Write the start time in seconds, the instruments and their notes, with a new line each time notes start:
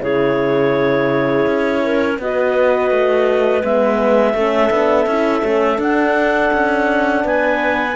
0.00 cello C#3, horn E4, clarinet G#4 C#5
1.46 cello C#4
1.83 clarinet A#4
2.18 cello B3, horn F#4, clarinet B4 D#5
2.90 cello A3
3.63 cello G#3, horn B3, clarinet E5
4.33 cello A3, horn C#4, clarinet A4
4.70 cello B3, horn D4
5.06 cello C#4, horn E4
5.41 cello A3, horn C#4
5.76 horn D4, cello D4, clarinet F#5
6.53 cello C#4
7.24 cello B3, clarinet B4 G#5